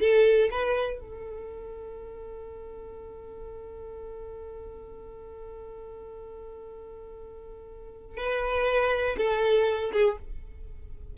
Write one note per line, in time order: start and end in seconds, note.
0.00 0.50 A4
0.51 0.99 B4
0.99 8.17 A4
8.17 9.16 B4
9.17 9.92 A4
9.92 10.17 G#4